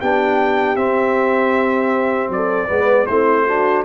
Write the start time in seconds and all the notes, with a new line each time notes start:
0.00 B3 D4 G4 G5
0.76 C4 E5
2.29 F#3 D5
2.35 A4
2.67 G#3 B3 B4
3.06 A3 C4 E4 C5
3.46 D4 F#4